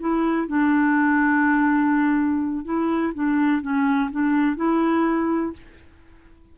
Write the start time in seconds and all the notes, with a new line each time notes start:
0.00 E4
0.48 D4
2.65 E4
3.14 D4
3.62 C#4
4.11 D4
4.56 E4